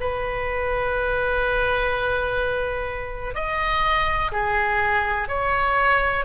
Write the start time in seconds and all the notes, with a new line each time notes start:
0.00 B4
3.34 D#5
4.32 G#4
5.28 C#5